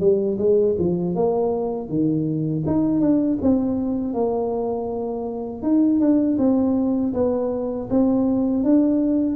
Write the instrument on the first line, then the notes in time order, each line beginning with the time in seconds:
tuba
0.00 G3
0.38 G#3
0.78 F3
1.15 A#3
1.89 D#3
2.66 D#4
3.00 D4
3.42 C4
4.13 A#3
5.62 D#4
6.00 D4
6.38 C4
7.14 B3
7.90 C4
8.64 D4